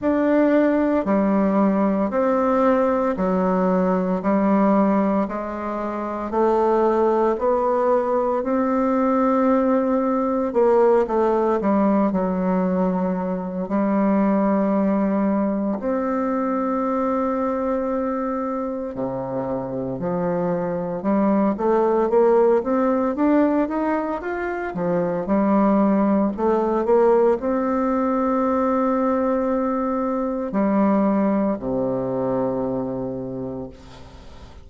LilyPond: \new Staff \with { instrumentName = "bassoon" } { \time 4/4 \tempo 4 = 57 d'4 g4 c'4 fis4 | g4 gis4 a4 b4 | c'2 ais8 a8 g8 fis8~ | fis4 g2 c'4~ |
c'2 c4 f4 | g8 a8 ais8 c'8 d'8 dis'8 f'8 f8 | g4 a8 ais8 c'2~ | c'4 g4 c2 | }